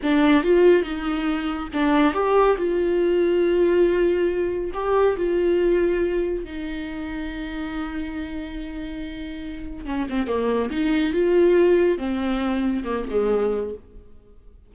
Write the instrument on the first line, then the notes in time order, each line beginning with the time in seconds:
viola
0.02 D4
0.43 F4
0.82 D#4
1.73 D4
2.13 G4
2.57 F4
4.73 G4
5.16 F4
6.44 D#4
9.85 C#4
10.09 C4
10.27 A#3
10.70 D#4
11.13 F4
11.98 C4
12.84 A#3
13.10 G#3